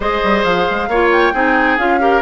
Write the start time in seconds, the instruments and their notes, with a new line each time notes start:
0.00 bassoon G#3, clarinet G#4, oboe C5, flute D#5
0.23 bassoon G3
0.43 bassoon F3, flute F5
0.70 bassoon G#3
0.88 bassoon A#3, clarinet F4, oboe C#5
1.11 flute G5
1.33 bassoon C4, clarinet D#4, oboe G#4
1.77 bassoon C#4, clarinet F4, flute F5
2.00 clarinet G4, oboe A#4